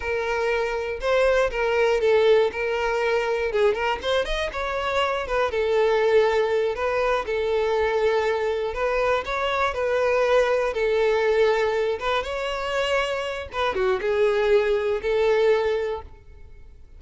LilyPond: \new Staff \with { instrumentName = "violin" } { \time 4/4 \tempo 4 = 120 ais'2 c''4 ais'4 | a'4 ais'2 gis'8 ais'8 | c''8 dis''8 cis''4. b'8 a'4~ | a'4. b'4 a'4.~ |
a'4. b'4 cis''4 b'8~ | b'4. a'2~ a'8 | b'8 cis''2~ cis''8 b'8 fis'8 | gis'2 a'2 | }